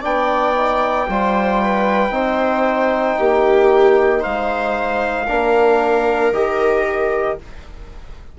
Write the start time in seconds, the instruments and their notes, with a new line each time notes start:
0.00 bassoon B3, trombone D4, viola D5, trumpet G5
0.54 trombone D#4
1.08 bassoon G3, trombone F4, viola C5
1.61 viola B4
2.09 bassoon C4, trombone D#4, viola C5
3.18 bassoon A#3, viola G4
4.19 viola C5, trumpet F5
4.25 bassoon G#3
5.27 bassoon A#3, trombone D4, viola A#4
6.31 bassoon D#3, trombone G4, trumpet D#5